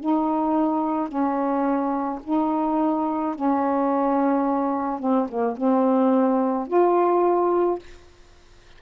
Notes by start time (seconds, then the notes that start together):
0.00 D#4
1.08 C#4
2.24 D#4
3.35 C#4
4.99 C4
5.28 A#3
5.57 C4
6.67 F4